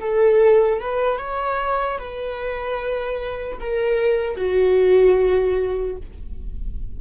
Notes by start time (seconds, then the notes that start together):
0.00 A4
0.80 B4
1.18 C#5
1.98 B4
3.60 A#4
4.36 F#4